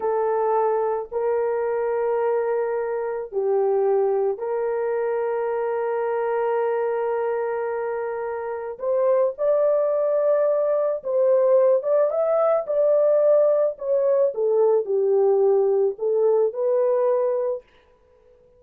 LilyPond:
\new Staff \with { instrumentName = "horn" } { \time 4/4 \tempo 4 = 109 a'2 ais'2~ | ais'2 g'2 | ais'1~ | ais'1 |
c''4 d''2. | c''4. d''8 e''4 d''4~ | d''4 cis''4 a'4 g'4~ | g'4 a'4 b'2 | }